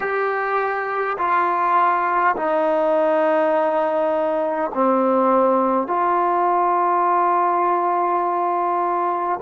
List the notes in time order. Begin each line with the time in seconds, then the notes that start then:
0.00 G4
1.18 F4
2.35 D#4
4.73 C4
5.87 F4